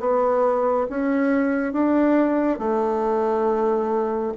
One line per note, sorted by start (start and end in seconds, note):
0.00 0.87 B3
0.90 1.73 C#4
1.73 2.59 D4
2.59 4.33 A3